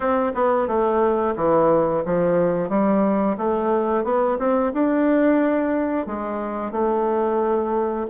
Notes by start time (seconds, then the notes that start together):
0.00 C4
0.34 B3
0.67 A3
1.36 E3
2.05 F3
2.69 G3
3.37 A3
4.04 B3
4.38 C4
4.73 D4
6.06 G#3
6.71 A3